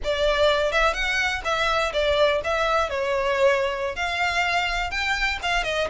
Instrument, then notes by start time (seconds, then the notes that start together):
violin
0.04 D5
0.72 E5
0.93 F#5
1.44 E5
1.93 D5
2.43 E5
2.89 C#5
3.95 F5
4.90 G5
5.42 F5
5.63 D#5